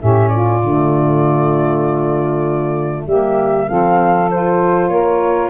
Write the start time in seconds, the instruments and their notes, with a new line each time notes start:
0.00 tuba A2, saxophone C#4 G4, flute E5
0.29 saxophone F4, flute D5
0.64 tuba D3, saxophone A3
3.05 tuba G3, saxophone A#3 G4, flute E5
3.68 tuba F3, saxophone C4 A4, flute F5
4.31 saxophone F4, flute C5
4.89 tuba A#3, saxophone A#4, flute C#5